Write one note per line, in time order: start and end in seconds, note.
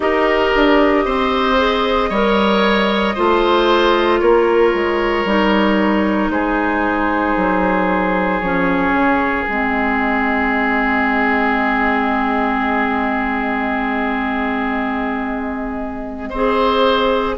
0.00 0.52 D#4
0.00 1.57 G4
0.00 1.05 A#4
0.00 4.19 D#5
0.55 1.05 D4
1.05 2.09 C4
1.05 2.09 C5
1.57 2.09 G#4
2.09 3.15 G3
2.09 3.16 A#4
2.09 3.14 C#5
3.14 4.21 A3
3.14 5.26 F4
3.14 4.20 C5
4.19 4.73 A#3
4.19 6.31 A#4
4.19 6.30 C#5
4.73 5.24 G#3
5.24 6.29 G3
5.24 8.42 D#4
6.29 7.34 G#3
6.29 16.29 G#4
6.29 8.40 C5
7.36 8.41 F#3
8.40 8.91 F3
8.40 9.48 C#4
8.40 9.45 C#5
8.91 9.44 C#3
9.45 16.31 G#3
9.45 16.34 C4
9.45 17.34 D#5
16.29 17.36 C4
16.29 17.38 G#4
16.29 17.35 C5